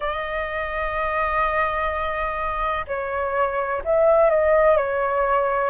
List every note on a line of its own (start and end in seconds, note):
0.00 2.85 D#5
2.87 3.82 C#5
3.84 4.29 E5
4.29 4.77 D#5
4.77 5.70 C#5